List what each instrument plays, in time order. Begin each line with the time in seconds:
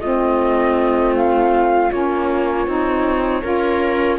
0.00 cello A3, saxophone C4, viola F4, flute D#5
1.16 flute F5
1.91 cello A#3, saxophone C#4, flute C#5
2.67 cello C4, saxophone D#4
3.42 cello C#4, saxophone F4, viola A#4